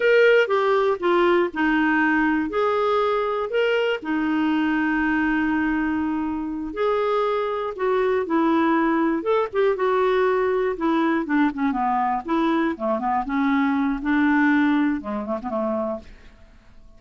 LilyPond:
\new Staff \with { instrumentName = "clarinet" } { \time 4/4 \tempo 4 = 120 ais'4 g'4 f'4 dis'4~ | dis'4 gis'2 ais'4 | dis'1~ | dis'4. gis'2 fis'8~ |
fis'8 e'2 a'8 g'8 fis'8~ | fis'4. e'4 d'8 cis'8 b8~ | b8 e'4 a8 b8 cis'4. | d'2 gis8 a16 b16 a4 | }